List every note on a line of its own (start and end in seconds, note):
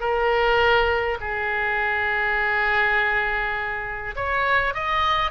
0.00 1.18 A#4
1.21 4.15 G#4
4.16 4.74 C#5
4.74 5.31 D#5